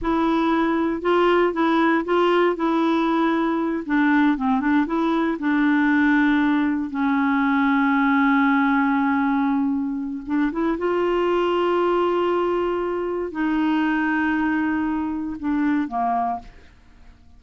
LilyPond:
\new Staff \with { instrumentName = "clarinet" } { \time 4/4 \tempo 4 = 117 e'2 f'4 e'4 | f'4 e'2~ e'8 d'8~ | d'8 c'8 d'8 e'4 d'4.~ | d'4. cis'2~ cis'8~ |
cis'1 | d'8 e'8 f'2.~ | f'2 dis'2~ | dis'2 d'4 ais4 | }